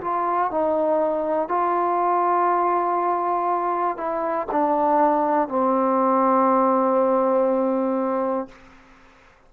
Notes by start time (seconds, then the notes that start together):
0.00 F4
0.50 D#4
1.48 F4
3.97 E4
4.51 D4
5.48 C4